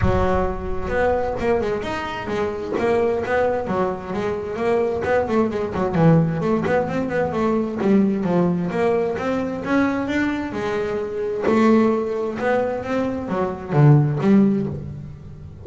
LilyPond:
\new Staff \with { instrumentName = "double bass" } { \time 4/4 \tempo 4 = 131 fis2 b4 ais8 gis8 | dis'4 gis4 ais4 b4 | fis4 gis4 ais4 b8 a8 | gis8 fis8 e4 a8 b8 c'8 b8 |
a4 g4 f4 ais4 | c'4 cis'4 d'4 gis4~ | gis4 a2 b4 | c'4 fis4 d4 g4 | }